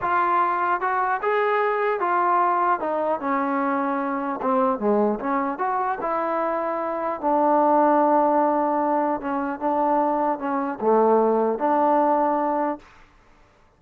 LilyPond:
\new Staff \with { instrumentName = "trombone" } { \time 4/4 \tempo 4 = 150 f'2 fis'4 gis'4~ | gis'4 f'2 dis'4 | cis'2. c'4 | gis4 cis'4 fis'4 e'4~ |
e'2 d'2~ | d'2. cis'4 | d'2 cis'4 a4~ | a4 d'2. | }